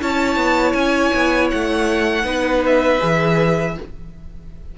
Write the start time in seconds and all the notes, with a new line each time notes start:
0.00 C#4 E4 C#5 A5
0.36 B3
0.73 C#4 G#5
1.14 B3
1.50 A3 F#5
2.24 B3 D#4 B4
2.66 E5
3.00 E3 G#4